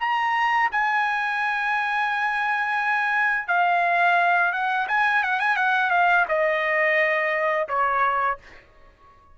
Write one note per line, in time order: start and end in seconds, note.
0.00 0.70 A#5
0.71 3.48 G#5
3.48 4.52 F5
4.53 4.87 F#5
4.88 5.23 G#5
5.23 5.39 F#5
5.39 5.57 G#5
5.57 5.90 F#5
5.90 6.25 F5
6.29 7.68 D#5
7.68 8.38 C#5